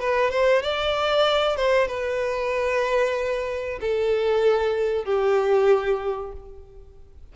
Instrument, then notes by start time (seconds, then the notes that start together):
violin
0.00 B4
0.31 C5
0.63 D5
1.57 C5
1.88 B4
3.81 A4
5.05 G4